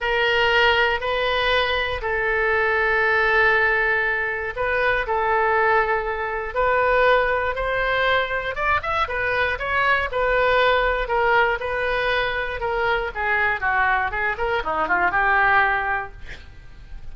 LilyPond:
\new Staff \with { instrumentName = "oboe" } { \time 4/4 \tempo 4 = 119 ais'2 b'2 | a'1~ | a'4 b'4 a'2~ | a'4 b'2 c''4~ |
c''4 d''8 e''8 b'4 cis''4 | b'2 ais'4 b'4~ | b'4 ais'4 gis'4 fis'4 | gis'8 ais'8 dis'8 f'8 g'2 | }